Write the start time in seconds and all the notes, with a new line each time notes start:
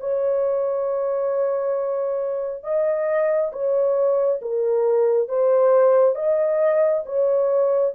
0.00 C#5
2.64 D#5
3.53 C#5
4.42 A#4
5.29 C5
6.16 D#5
7.06 C#5